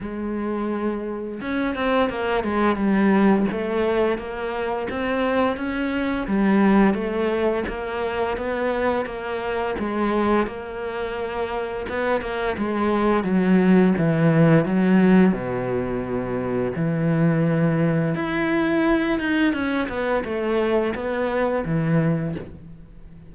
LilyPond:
\new Staff \with { instrumentName = "cello" } { \time 4/4 \tempo 4 = 86 gis2 cis'8 c'8 ais8 gis8 | g4 a4 ais4 c'4 | cis'4 g4 a4 ais4 | b4 ais4 gis4 ais4~ |
ais4 b8 ais8 gis4 fis4 | e4 fis4 b,2 | e2 e'4. dis'8 | cis'8 b8 a4 b4 e4 | }